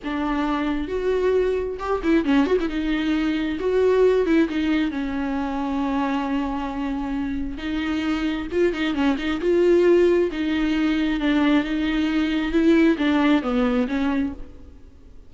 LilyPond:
\new Staff \with { instrumentName = "viola" } { \time 4/4 \tempo 4 = 134 d'2 fis'2 | g'8 e'8 cis'8 fis'16 e'16 dis'2 | fis'4. e'8 dis'4 cis'4~ | cis'1~ |
cis'4 dis'2 f'8 dis'8 | cis'8 dis'8 f'2 dis'4~ | dis'4 d'4 dis'2 | e'4 d'4 b4 cis'4 | }